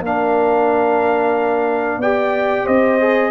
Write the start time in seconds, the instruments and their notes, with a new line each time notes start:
0.00 tuba A#3, trombone D4, horn A#4, trumpet F5
1.97 tuba B3, trombone G4, horn D5, trumpet G5
2.64 tuba C4, horn C5, trumpet D#5
3.00 trombone G#4